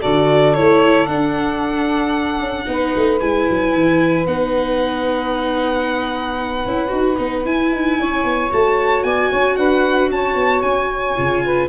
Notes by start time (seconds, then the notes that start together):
0.00 D3 F#4 A4 D5
0.55 A3 E4 C#5
1.07 D4 F#5
2.39 C#4
2.65 B3 D#4
2.72 B4
2.96 A3
3.20 G#3 E4 G#5
3.49 F#3
3.74 E3
4.27 B3 D#4 F#5
6.66 C#4 E4
6.88 D#4 F#4
7.18 B3 D#4
7.45 E4 G#5
7.72 D#4
7.99 C#4 C#5
8.24 B3
8.50 A3 F#4 A5
9.03 B3 D5 G#5
9.30 C#4 C#5
9.56 D4 B4 F#5
10.11 C#4 C#5 A5
10.35 B3
10.62 C#4 G#5
11.16 C#3 F4
11.44 B4